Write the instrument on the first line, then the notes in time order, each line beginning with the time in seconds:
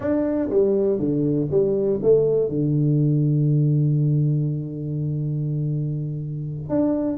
tuba
0.00 D4
0.50 G3
0.99 D3
1.50 G3
2.02 A3
2.48 D3
6.69 D4